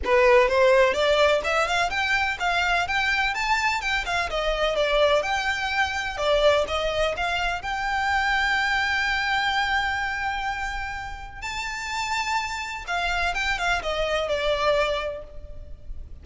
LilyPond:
\new Staff \with { instrumentName = "violin" } { \time 4/4 \tempo 4 = 126 b'4 c''4 d''4 e''8 f''8 | g''4 f''4 g''4 a''4 | g''8 f''8 dis''4 d''4 g''4~ | g''4 d''4 dis''4 f''4 |
g''1~ | g''1 | a''2. f''4 | g''8 f''8 dis''4 d''2 | }